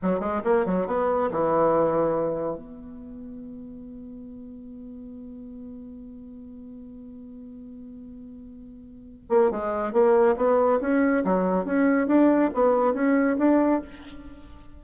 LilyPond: \new Staff \with { instrumentName = "bassoon" } { \time 4/4 \tempo 4 = 139 fis8 gis8 ais8 fis8 b4 e4~ | e2 b2~ | b1~ | b1~ |
b1~ | b4. ais8 gis4 ais4 | b4 cis'4 fis4 cis'4 | d'4 b4 cis'4 d'4 | }